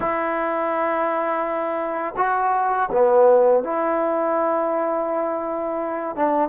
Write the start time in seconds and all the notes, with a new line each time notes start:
0.00 E4
2.17 F#4
2.91 B3
3.63 E4
6.15 D4